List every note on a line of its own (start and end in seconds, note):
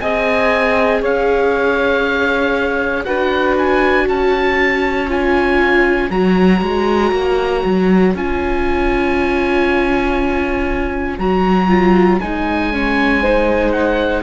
0.00 1.02 C4
0.00 3.04 G#4
0.00 1.00 D#5
0.00 1.02 G#5
1.00 3.05 C#4
1.00 3.04 C#5
1.00 3.04 F5
3.04 4.08 D4
3.04 5.07 F#4
3.04 4.05 B4
3.04 3.55 F#5
3.58 4.08 G#5
4.05 6.10 C#4
4.05 13.20 C#5
4.05 5.10 A5
5.08 6.10 F4
5.08 6.11 G#5
6.10 6.61 F#3
6.10 8.14 F#4
6.10 8.14 A#5
6.61 7.11 G#3
7.11 7.62 A#3
7.64 8.14 F#3
8.14 11.18 C#4
8.14 11.19 F4
8.14 11.19 G#5
11.18 12.19 F#3
11.18 11.68 F#4
11.18 12.20 A#5
11.68 12.19 F4
12.20 14.23 G#3
12.20 12.73 D#4
12.20 13.72 G#5
12.73 13.23 C#4
13.21 14.23 D#4
13.21 14.23 C5
13.72 14.22 F#5